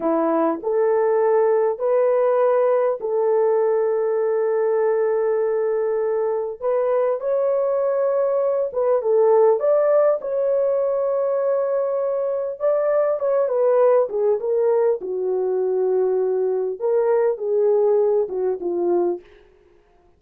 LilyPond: \new Staff \with { instrumentName = "horn" } { \time 4/4 \tempo 4 = 100 e'4 a'2 b'4~ | b'4 a'2.~ | a'2. b'4 | cis''2~ cis''8 b'8 a'4 |
d''4 cis''2.~ | cis''4 d''4 cis''8 b'4 gis'8 | ais'4 fis'2. | ais'4 gis'4. fis'8 f'4 | }